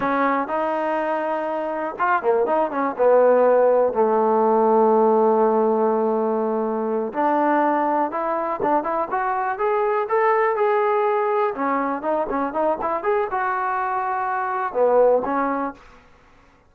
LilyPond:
\new Staff \with { instrumentName = "trombone" } { \time 4/4 \tempo 4 = 122 cis'4 dis'2. | f'8 ais8 dis'8 cis'8 b2 | a1~ | a2~ a8 d'4.~ |
d'8 e'4 d'8 e'8 fis'4 gis'8~ | gis'8 a'4 gis'2 cis'8~ | cis'8 dis'8 cis'8 dis'8 e'8 gis'8 fis'4~ | fis'2 b4 cis'4 | }